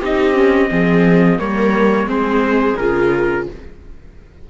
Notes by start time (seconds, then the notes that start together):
0.00 C4 D#4 G4 D#5
0.34 C#4
0.70 F3 C4 G#4
1.39 G3 A#3 A#4 C#5
2.05 G#3 C4 G#4 C5
2.77 C#3 F4 A#4